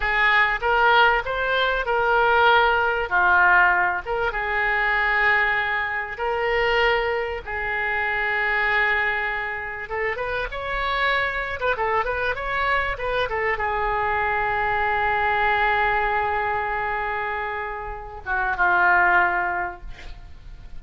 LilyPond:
\new Staff \with { instrumentName = "oboe" } { \time 4/4 \tempo 4 = 97 gis'4 ais'4 c''4 ais'4~ | ais'4 f'4. ais'8 gis'4~ | gis'2 ais'2 | gis'1 |
a'8 b'8 cis''4.~ cis''16 b'16 a'8 b'8 | cis''4 b'8 a'8 gis'2~ | gis'1~ | gis'4. fis'8 f'2 | }